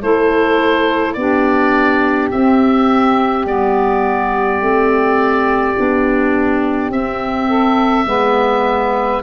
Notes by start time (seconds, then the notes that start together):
0.00 A3 E4 A4 C5
1.13 B3 D4 G4 D5
2.31 C4 E5
3.45 G3 B3 D5
4.60 A3 C4
5.76 B3 D4
6.90 C4 E5
7.47 A4
8.06 G#3 B3 B4